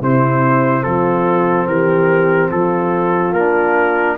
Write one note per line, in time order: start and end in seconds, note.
0.00 0.84 C3
0.00 3.35 C4
0.00 0.83 E4
0.00 0.83 C5
0.83 1.66 F3
0.83 1.67 F4
0.83 1.66 A4
1.66 2.50 E3
1.66 2.51 G4
1.66 2.50 A#4
2.51 3.32 F3
2.51 4.17 F4
2.51 3.33 A4
3.32 4.16 A#3
3.32 4.18 D4
3.32 4.16 A#4